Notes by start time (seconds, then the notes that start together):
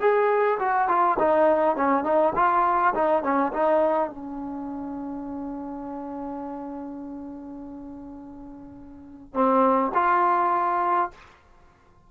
0.00 G#4
0.59 F#4
0.88 F4
1.19 D#4
1.76 C#4
2.04 D#4
2.35 F4
2.95 D#4
3.23 C#4
3.53 D#4
4.10 C#4
9.34 C4
9.94 F4